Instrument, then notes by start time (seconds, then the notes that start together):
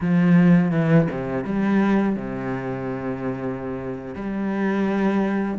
cello
0.00 F3
0.71 E3
1.10 C3
1.44 G3
2.16 C3
4.14 G3